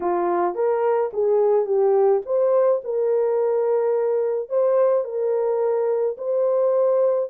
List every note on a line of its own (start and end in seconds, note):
0.00 0.54 F4
0.54 1.10 A#4
1.13 1.65 G#4
1.65 2.21 G4
2.25 2.81 C5
2.83 4.49 A#4
4.49 5.04 C5
5.04 6.16 A#4
6.17 7.29 C5